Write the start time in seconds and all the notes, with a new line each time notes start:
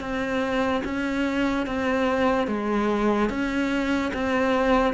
0.00 C4
0.84 C#4
1.66 C4
2.47 G#3
3.30 C#4
4.14 C4